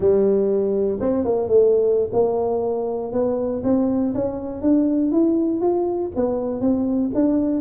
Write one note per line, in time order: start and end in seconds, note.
0.00 0.99 G3
1.00 1.24 C4
1.24 1.47 A#3
1.47 2.10 A3
2.12 3.12 A#3
3.12 3.62 B3
3.63 4.13 C4
4.14 4.61 C#4
4.61 5.11 D4
5.11 5.60 E4
5.60 6.10 F4
6.15 6.60 B3
6.60 7.10 C4
7.14 7.61 D4